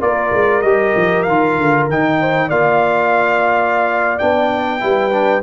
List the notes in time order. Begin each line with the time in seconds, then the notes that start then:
0.00 A#3 F4 A#4 D5
0.32 G#3
0.62 G3 G4 D#5
0.96 F3
1.23 D#3 F5
1.29 F4
1.58 D3
1.89 D#3 D#4 G5
2.20 C5
2.48 A#3 F4 D5 F5
4.19 B3 D4 G5
4.79 G3 E4 B4
5.11 D4